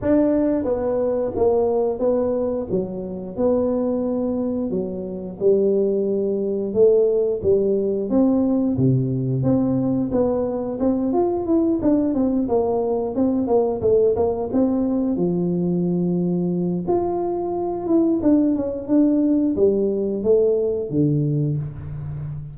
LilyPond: \new Staff \with { instrumentName = "tuba" } { \time 4/4 \tempo 4 = 89 d'4 b4 ais4 b4 | fis4 b2 fis4 | g2 a4 g4 | c'4 c4 c'4 b4 |
c'8 f'8 e'8 d'8 c'8 ais4 c'8 | ais8 a8 ais8 c'4 f4.~ | f4 f'4. e'8 d'8 cis'8 | d'4 g4 a4 d4 | }